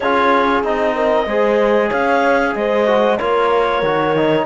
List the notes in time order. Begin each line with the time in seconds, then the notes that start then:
0.00 C#4 F4 G#4 C#5
0.63 C4 D#4 D#5
0.95 A#4
1.26 G#3 G#4 C5
1.88 C#4 C#5 F5
2.54 G#3 C5 D#5
2.86 F#4
3.17 A#3 F4 A#4 C#5
3.82 D#3 F#4
4.16 D#4